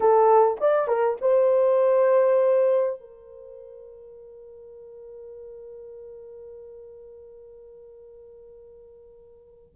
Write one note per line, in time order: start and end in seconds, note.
0.00 0.57 A4
0.60 0.87 D5
0.87 1.17 A#4
1.21 3.00 C5
3.00 9.75 A#4